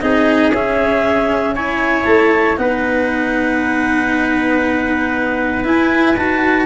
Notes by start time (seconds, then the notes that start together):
0.00 C4 D#4 G#4 D#5
0.49 C#4 E5
1.55 E4 C#5 G#5
2.05 A3 A5
2.57 B3 D#4 B4 F#5
5.64 E4 G#5
6.16 D#4 F#4 A5